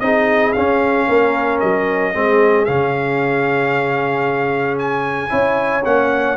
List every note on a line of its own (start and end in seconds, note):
0.00 0.55 C4
0.00 0.55 D#4
0.00 1.07 G#4
0.00 0.53 D#5
0.53 1.08 C#4
0.53 2.14 C#4
0.53 1.59 F5
1.07 1.62 A#3
1.07 2.13 A#4
1.60 2.15 F#3
1.60 2.65 D#5
2.13 2.68 G#3
2.13 2.67 C4
2.13 5.31 G#4
2.65 5.33 C#3
2.65 5.30 C#4
2.65 4.78 F5
4.78 5.85 G#5
5.30 5.86 C#4
5.30 5.83 E4
5.30 6.37 C#5
5.85 6.37 A#3
5.85 6.37 C#4
5.85 6.37 F#5